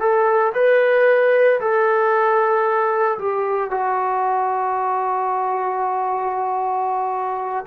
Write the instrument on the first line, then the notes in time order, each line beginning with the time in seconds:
trombone
0.00 A4
0.54 B4
1.60 A4
3.18 G4
3.70 F#4